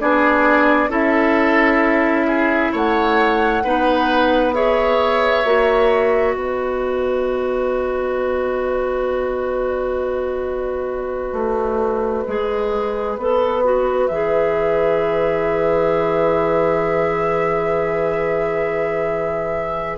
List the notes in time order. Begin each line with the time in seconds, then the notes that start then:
0.00 B3 D4 G#4 D5
0.89 C#4 E4 A4 E5
2.28 G#4
2.72 A3 C#5 F#5
3.64 B3 D#4 B4
4.53 G#4 C#5 E5
5.45 A#3 F#4
6.35 B3 B4 D#5
11.33 A3
12.27 G#3 G#4
13.17 B3 A4
13.64 F#4
14.07 E3 G#4 E5